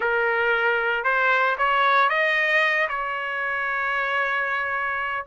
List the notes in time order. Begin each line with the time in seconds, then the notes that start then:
0.00 A#4
1.04 C5
1.58 C#5
2.09 D#5
2.88 C#5